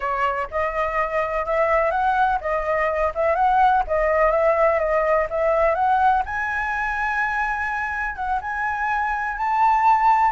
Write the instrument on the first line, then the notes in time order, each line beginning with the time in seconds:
flute
0.00 C#5
0.50 D#5
1.45 E5
1.90 F#5
2.40 D#5
3.14 E5
3.35 F#5
3.87 D#5
4.31 E5
4.79 D#5
5.30 E5
5.74 F#5
6.25 G#5
8.15 F#5
8.41 G#5
9.37 A5